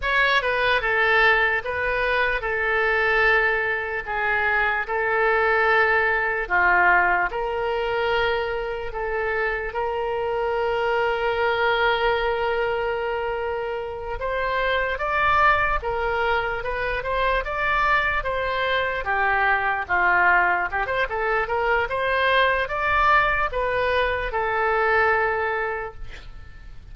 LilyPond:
\new Staff \with { instrumentName = "oboe" } { \time 4/4 \tempo 4 = 74 cis''8 b'8 a'4 b'4 a'4~ | a'4 gis'4 a'2 | f'4 ais'2 a'4 | ais'1~ |
ais'4. c''4 d''4 ais'8~ | ais'8 b'8 c''8 d''4 c''4 g'8~ | g'8 f'4 g'16 c''16 a'8 ais'8 c''4 | d''4 b'4 a'2 | }